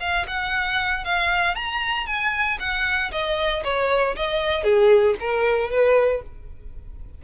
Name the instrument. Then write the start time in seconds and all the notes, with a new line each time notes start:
violin
0.00 F5
0.27 F#5
1.04 F5
1.55 A#5
2.06 G#5
2.59 F#5
3.11 D#5
3.64 C#5
4.16 D#5
4.63 G#4
5.20 A#4
5.70 B4